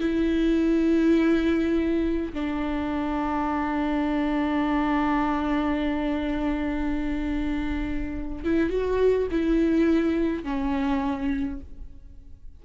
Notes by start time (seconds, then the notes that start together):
0.00 E4
2.33 D4
8.45 E4
8.70 F#4
9.31 E4
10.44 C#4